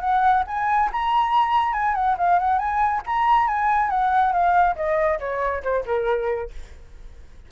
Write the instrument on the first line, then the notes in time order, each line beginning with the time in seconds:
flute
0.00 F#5
0.47 G#5
0.92 A#5
1.73 G#5
1.95 F#5
2.18 F5
2.39 F#5
2.58 G#5
3.06 A#5
3.47 G#5
3.90 F#5
4.32 F5
4.76 D#5
5.19 C#5
5.63 C5
5.86 A#4